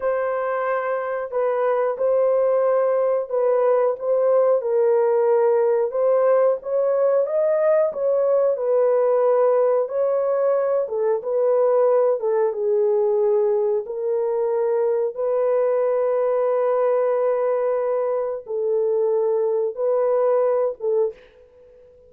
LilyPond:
\new Staff \with { instrumentName = "horn" } { \time 4/4 \tempo 4 = 91 c''2 b'4 c''4~ | c''4 b'4 c''4 ais'4~ | ais'4 c''4 cis''4 dis''4 | cis''4 b'2 cis''4~ |
cis''8 a'8 b'4. a'8 gis'4~ | gis'4 ais'2 b'4~ | b'1 | a'2 b'4. a'8 | }